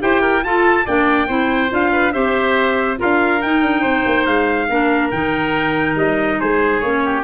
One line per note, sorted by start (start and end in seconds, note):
0.00 0.44 E4
0.00 0.43 G4
0.00 0.22 C5
0.00 0.45 G5
0.22 0.43 A#4
0.43 0.86 F4
0.43 0.86 A4
0.43 0.87 A5
0.86 1.29 A#3
0.86 1.28 D4
0.86 1.28 D5
0.86 1.73 G5
1.28 1.72 C4
1.28 1.70 E4
1.28 1.91 C5
1.70 2.14 D4
1.70 2.12 F4
1.70 2.13 F5
1.92 2.13 B4
2.13 3.00 C4
2.13 2.98 G4
2.13 2.99 C5
2.13 2.98 E5
2.98 3.44 D4
2.98 3.40 F4
2.98 3.81 A#4
2.98 3.42 F5
3.42 3.62 D#4
3.42 4.70 D#4
3.42 4.26 G5
3.62 3.83 D4
3.81 4.05 C4
3.81 4.66 C5
4.06 4.27 A#3
4.26 4.69 G#3
4.26 5.11 F5
4.69 5.12 A#3
4.69 5.13 D4
4.69 6.40 A#4
5.11 5.96 D#3
5.11 6.84 D#4
5.11 5.97 G5
5.96 6.38 G3
5.96 6.40 D#5
6.40 6.82 G#3
6.40 7.04 G#4
6.40 6.80 C5
6.80 7.24 A#3
6.80 7.24 C#4
6.80 7.23 C#5
7.04 7.24 G4